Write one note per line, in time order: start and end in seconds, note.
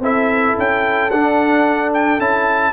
0.00 0.54 C4
0.00 1.11 E4
0.00 2.72 A4
0.00 0.58 E5
0.58 1.11 C#4
0.58 1.10 G5
1.10 2.18 D4
1.10 2.19 D4
1.10 1.92 F#5
1.93 2.20 G5
2.18 2.73 C#4
2.18 2.73 E4
2.18 2.73 A5